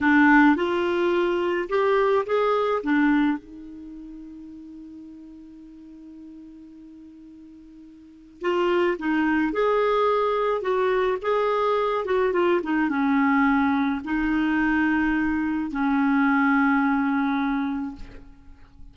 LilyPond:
\new Staff \with { instrumentName = "clarinet" } { \time 4/4 \tempo 4 = 107 d'4 f'2 g'4 | gis'4 d'4 dis'2~ | dis'1~ | dis'2. f'4 |
dis'4 gis'2 fis'4 | gis'4. fis'8 f'8 dis'8 cis'4~ | cis'4 dis'2. | cis'1 | }